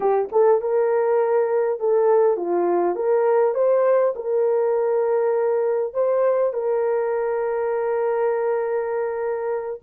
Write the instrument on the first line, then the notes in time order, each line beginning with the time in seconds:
horn
0.00 G4
0.32 A4
0.61 A#4
1.79 A4
2.36 F4
2.95 A#4
3.54 C5
4.15 A#4
5.93 C5
6.53 A#4